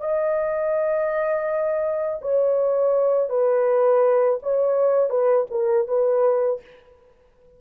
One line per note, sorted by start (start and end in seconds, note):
0.00 2.20 D#5
2.21 3.29 C#5
3.29 4.39 B4
4.43 5.10 C#5
5.10 5.46 B4
5.51 5.87 A#4
5.87 6.61 B4